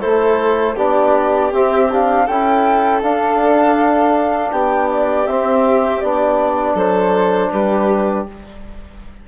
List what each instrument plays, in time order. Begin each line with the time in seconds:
0.00 bassoon A3, trombone E4, violin A4, flute C5
0.75 bassoon B3, trombone D4, violin G4, flute D5
1.52 trombone C4, bassoon C4, flute E5
1.91 trombone D4, flute F5
2.25 bassoon C#4, trombone E4, violin A4, flute G5
3.02 trombone D4, bassoon D4, flute F5
4.51 bassoon B3, violin G4, flute G5
4.90 flute D5
5.26 bassoon C4, trombone C4, flute E5
6.01 bassoon B3, trombone D4, flute D5
6.74 bassoon F#3, violin A4, flute C5
7.51 bassoon G3, violin G4, flute B4